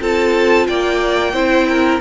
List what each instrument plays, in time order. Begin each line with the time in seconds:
0.00 cello C4, viola F4, violin A4 A5
0.67 cello A#3, violin D5 G5
1.33 cello C4, viola E4, violin C5
1.69 violin A#4